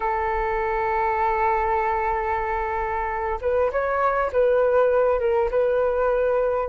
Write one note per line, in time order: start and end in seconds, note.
0.00 3.39 A4
3.41 3.71 B4
3.72 4.31 C#5
4.32 5.19 B4
5.19 5.49 A#4
5.51 6.69 B4